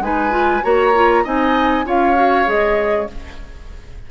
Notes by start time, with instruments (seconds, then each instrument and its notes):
0.00 bassoon G#3, clarinet D#4, oboe B4, flute G#5
0.30 clarinet F4
0.63 bassoon A#3, clarinet F#4, oboe C#5, flute A#5
0.95 clarinet F4
1.24 bassoon C4, clarinet D#4, oboe D#5, flute G#5
1.85 bassoon C#4, clarinet F4, oboe C#5, flute F5
2.15 clarinet F#4
2.46 bassoon G#3, clarinet G#4, flute D#5